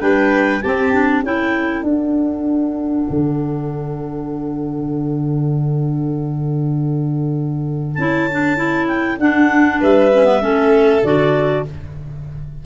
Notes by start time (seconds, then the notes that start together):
0.00 G3 D4 B4 G5
0.62 C4 G4 A5
0.93 D4
1.23 C#4 E4 A4 G5
1.83 D4 F#5
3.10 D3
7.95 C#4 E4 A5
8.31 D4
8.57 E4
8.87 G5
9.19 D4 F#5
9.80 G3 B4 E5
10.13 C#4
10.25 B3
10.41 A3 C#4 A4
11.03 D3 F#4 D5